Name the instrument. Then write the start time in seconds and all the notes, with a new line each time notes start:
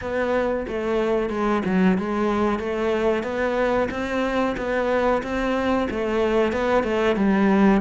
cello
0.01 B3
0.68 A3
1.29 G#3
1.65 F#3
1.97 G#3
2.59 A3
3.23 B3
3.90 C4
4.57 B3
5.22 C4
5.90 A3
6.52 B3
6.83 A3
7.16 G3